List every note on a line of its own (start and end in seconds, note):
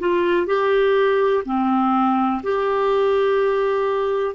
0.00 0.47 F4
0.47 1.44 G4
1.45 2.42 C4
2.44 4.35 G4